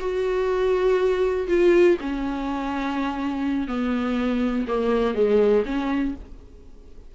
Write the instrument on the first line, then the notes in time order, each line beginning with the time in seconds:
viola
0.00 F#4
1.48 F4
2.01 C#4
3.68 B3
4.67 A#3
5.14 G#3
5.66 C#4